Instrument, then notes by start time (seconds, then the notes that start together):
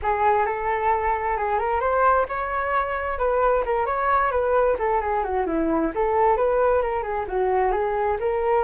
flute
0.02 G#4
0.46 A4
1.37 G#4
1.58 A#4
1.80 C5
2.28 C#5
3.18 B4
3.65 A#4
3.86 C#5
4.31 B4
4.79 A4
5.00 G#4
5.23 F#4
5.46 E4
5.94 A4
6.37 B4
6.82 A#4
7.02 G#4
7.27 F#4
7.72 G#4
8.20 A#4